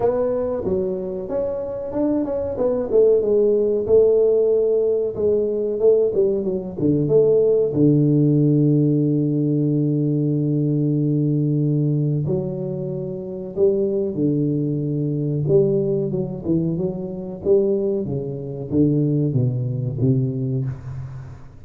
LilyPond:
\new Staff \with { instrumentName = "tuba" } { \time 4/4 \tempo 4 = 93 b4 fis4 cis'4 d'8 cis'8 | b8 a8 gis4 a2 | gis4 a8 g8 fis8 d8 a4 | d1~ |
d2. fis4~ | fis4 g4 d2 | g4 fis8 e8 fis4 g4 | cis4 d4 b,4 c4 | }